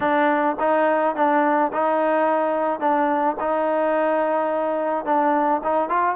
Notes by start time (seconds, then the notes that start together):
0.00 D4
0.59 D#4
1.15 D4
1.72 D#4
2.80 D4
3.40 D#4
5.05 D4
5.63 D#4
5.89 F4